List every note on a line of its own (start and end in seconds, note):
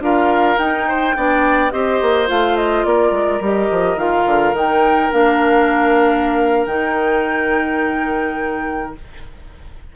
0.00 0.57 D4
0.00 0.58 F4
0.00 0.88 A#4
0.00 0.58 F5
0.58 1.15 D#4
0.58 1.71 G5
0.88 1.16 C5
1.15 1.72 B3
1.15 1.71 D4
1.15 1.73 D5
1.71 2.01 C4
1.71 2.27 G4
1.71 2.86 C5
1.71 2.28 D#5
2.01 2.30 A#3
2.27 2.85 A3
2.27 3.40 F4
2.27 2.56 F5
2.56 2.85 D#5
2.85 3.12 A#3
2.85 8.96 A#4
2.85 3.42 D5
3.12 3.40 G#3
3.40 3.69 G3
3.40 3.98 G4
3.40 3.98 D#5
3.71 3.96 F3
3.96 4.24 D#3
3.96 4.54 F4
3.96 4.55 F5
4.26 4.53 D3
4.53 5.10 D#3
4.53 5.12 D#4
4.53 5.12 G5
5.12 6.67 A#3
5.12 6.67 D4
5.12 6.66 F5
6.66 8.93 D#3
6.66 8.95 D#4
6.66 8.93 G5